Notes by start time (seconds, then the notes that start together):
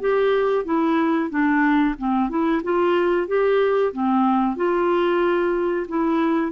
0.00 G4
0.64 E4
1.29 D4
1.98 C4
2.29 E4
2.63 F4
3.27 G4
3.92 C4
4.56 F4
5.88 E4